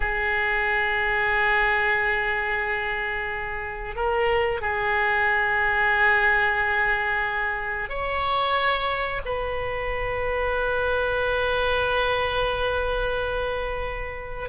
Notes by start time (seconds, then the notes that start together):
0.00 G#4
3.95 A#4
4.61 G#4
7.89 C#5
9.25 B4